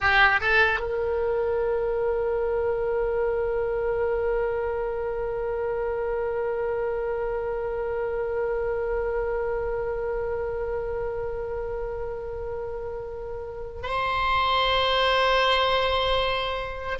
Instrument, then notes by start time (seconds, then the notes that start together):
oboe
0.00 G4
0.41 A4
0.79 A#4
13.83 C5